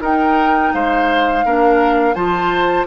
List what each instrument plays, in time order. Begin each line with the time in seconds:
0.00 bassoon D#4, clarinet D#4, oboe A#4, flute G5
0.74 bassoon G#3, oboe C5, flute F5
1.44 bassoon A#3, clarinet D4, oboe A#4
2.14 bassoon F3, clarinet F4, oboe C5, flute A5